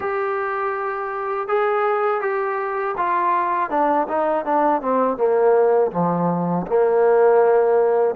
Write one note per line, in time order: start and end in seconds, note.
0.00 1.48 G4
1.48 2.21 G#4
2.21 2.95 G4
2.97 3.70 F4
3.70 4.07 D4
4.08 4.45 D#4
4.45 4.81 D4
4.81 5.17 C4
5.17 5.91 A#3
5.91 6.65 F3
6.67 8.15 A#3